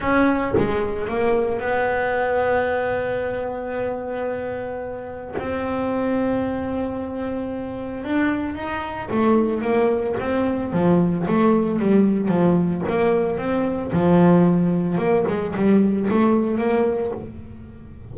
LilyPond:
\new Staff \with { instrumentName = "double bass" } { \time 4/4 \tempo 4 = 112 cis'4 gis4 ais4 b4~ | b1~ | b2 c'2~ | c'2. d'4 |
dis'4 a4 ais4 c'4 | f4 a4 g4 f4 | ais4 c'4 f2 | ais8 gis8 g4 a4 ais4 | }